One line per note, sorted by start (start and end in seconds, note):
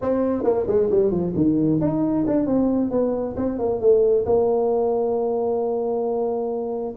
0.01 0.43 C4
0.43 0.66 A#3
0.67 0.89 G#3
0.90 1.11 G3
1.11 1.33 F3
1.35 1.80 D#3
1.80 2.25 D#4
2.27 2.46 D4
2.46 2.91 C4
2.91 3.35 B3
3.36 3.58 C4
3.58 3.80 A#3
3.80 4.25 A3
4.25 6.94 A#3